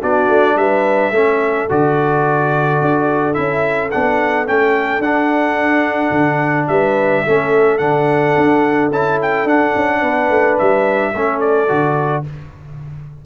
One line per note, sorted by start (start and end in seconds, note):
0.00 0.27 B3
0.00 1.13 D4
0.00 0.56 F#4
0.00 0.57 D5
0.27 0.55 A3
0.56 1.11 G3
0.56 1.13 B4
0.56 1.68 E5
1.11 1.66 A3
1.11 1.68 C#4
1.11 6.69 A4
1.68 2.81 D3
1.68 3.34 F#4
1.68 3.33 D5
2.81 3.36 D4
3.33 3.93 C#4
3.33 3.89 E4
3.33 3.89 E5
3.91 4.49 B3
3.91 4.46 D4
3.91 4.46 F#5
4.46 4.99 A3
4.46 5.01 C#4
4.46 5.01 G5
4.99 6.10 D4
4.99 7.26 D4
4.99 6.67 F#5
6.11 6.66 D3
6.67 7.24 G3
6.67 7.24 B4
6.67 7.78 E5
7.24 7.80 A3
7.24 7.79 C#4
7.24 10.00 A4
7.78 8.35 D3
7.78 8.91 D4
7.78 8.89 F#5
8.37 8.90 D4
8.90 9.44 C#4
8.90 9.47 E4
8.90 9.19 A5
9.21 9.47 G5
9.44 9.72 D4
9.44 11.14 D4
9.44 10.58 F#5
9.75 10.02 C#4
10.00 10.30 B3
10.00 11.11 B4
10.30 10.57 A3
10.58 11.14 G3
10.58 11.40 E5
11.14 11.69 A3
11.14 11.68 C#4
11.14 12.25 A4
11.40 12.23 D5
11.68 12.25 D3
11.68 12.23 F#4